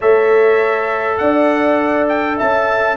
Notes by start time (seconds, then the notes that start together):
0.00 A3 A4 C#5 E5
1.17 D4 D5 F#5
2.08 G5
2.37 C#4 E5 A5